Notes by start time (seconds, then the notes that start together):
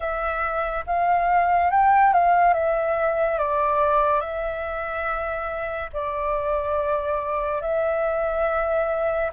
0.00 E5
0.86 F5
1.71 G5
2.13 F5
2.54 E5
3.38 D5
4.20 E5
5.93 D5
7.61 E5